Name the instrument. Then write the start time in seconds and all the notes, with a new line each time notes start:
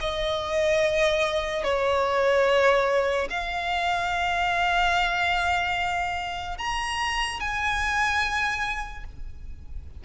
violin
0.00 D#5
1.63 C#5
3.30 F5
6.58 A#5
7.39 G#5